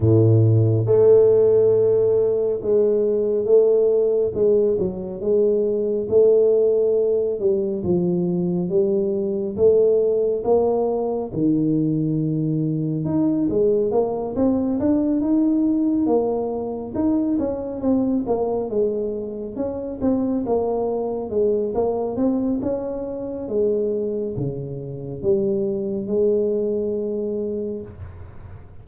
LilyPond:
\new Staff \with { instrumentName = "tuba" } { \time 4/4 \tempo 4 = 69 a,4 a2 gis4 | a4 gis8 fis8 gis4 a4~ | a8 g8 f4 g4 a4 | ais4 dis2 dis'8 gis8 |
ais8 c'8 d'8 dis'4 ais4 dis'8 | cis'8 c'8 ais8 gis4 cis'8 c'8 ais8~ | ais8 gis8 ais8 c'8 cis'4 gis4 | cis4 g4 gis2 | }